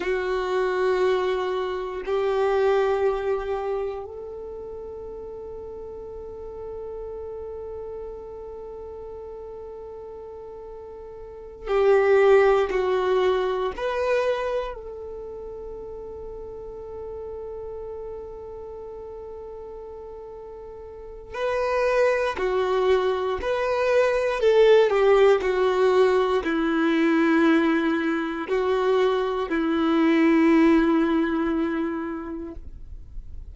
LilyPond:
\new Staff \with { instrumentName = "violin" } { \time 4/4 \tempo 4 = 59 fis'2 g'2 | a'1~ | a'2.~ a'8 g'8~ | g'8 fis'4 b'4 a'4.~ |
a'1~ | a'4 b'4 fis'4 b'4 | a'8 g'8 fis'4 e'2 | fis'4 e'2. | }